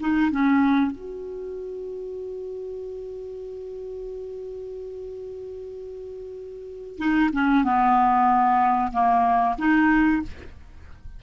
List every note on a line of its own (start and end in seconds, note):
0.00 0.31 D#4
0.31 0.92 C#4
0.92 6.98 F#4
6.98 7.30 D#4
7.33 7.64 C#4
7.64 8.92 B3
8.92 9.56 A#3
9.58 10.22 D#4